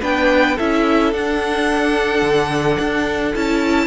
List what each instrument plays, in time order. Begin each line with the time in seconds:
0.00 cello B3, viola D4, violin B4 G5
0.56 cello C#4, viola E4, violin A4 E5
1.12 cello D4, viola D4, violin F#5
2.22 cello D3
2.79 cello D4
3.35 cello C#4, viola E4, violin A5